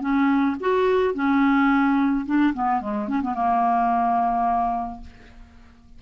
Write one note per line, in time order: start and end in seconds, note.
0.00 0.56 C#4
0.60 1.14 F#4
1.14 2.25 C#4
2.25 2.53 D4
2.53 2.81 B3
2.81 3.08 G#3
3.08 3.21 C#4
3.22 3.34 B3
3.34 5.01 A#3